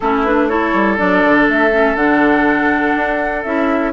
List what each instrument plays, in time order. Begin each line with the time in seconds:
0.00 bassoon A3, clarinet C#4, oboe E4, flute A4
0.24 clarinet D4, flute B4
0.48 clarinet E4, oboe A4, flute C#5
0.73 bassoon G3
0.97 bassoon F#3, clarinet D4, flute D5
1.24 bassoon D3
1.48 bassoon A3, flute E5
1.71 clarinet C#4
1.95 bassoon D3, clarinet D4, flute F#5
2.96 bassoon D4
3.43 bassoon C#4, clarinet E4, flute E5